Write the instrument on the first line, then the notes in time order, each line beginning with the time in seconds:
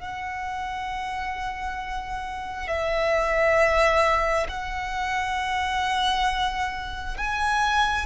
violin
0.00 F#5
2.68 E5
4.49 F#5
7.18 G#5